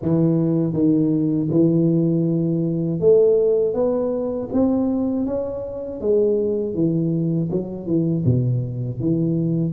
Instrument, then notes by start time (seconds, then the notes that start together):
tuba
0.01 E3
0.73 D#3
1.50 E3
3.00 A3
3.73 B3
4.52 C4
5.25 C#4
6.00 G#3
6.74 E3
7.51 F#3
7.86 E3
8.25 B2
9.00 E3